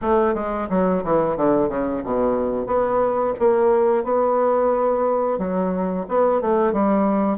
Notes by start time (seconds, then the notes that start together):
0.01 A3
0.34 G#3
0.69 F#3
1.04 E3
1.36 D3
1.69 C#3
2.03 B2
2.66 B3
3.39 A#3
4.04 B3
5.38 F#3
6.08 B3
6.41 A3
6.72 G3